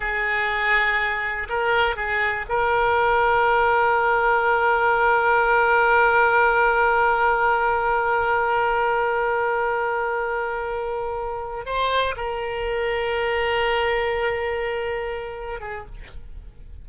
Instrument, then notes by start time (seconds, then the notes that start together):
oboe
0.00 G#4
1.49 A#4
1.96 G#4
2.49 A#4
11.65 C5
12.16 A#4
15.60 G#4